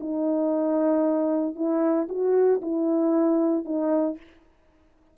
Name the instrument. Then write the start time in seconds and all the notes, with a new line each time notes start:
horn
0.00 D#4
1.55 E4
2.09 F#4
2.62 E4
3.65 D#4